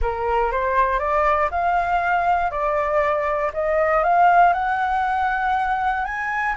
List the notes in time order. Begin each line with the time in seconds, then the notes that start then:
0.01 A#4
0.51 C5
0.99 D5
1.50 F5
2.50 D5
3.53 D#5
4.03 F5
4.53 F#5
6.04 G#5